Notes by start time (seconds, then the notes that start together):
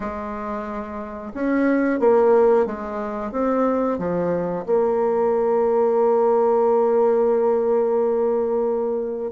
0.00 G#3
1.34 C#4
1.99 A#3
2.65 G#3
3.31 C4
3.98 F3
4.65 A#3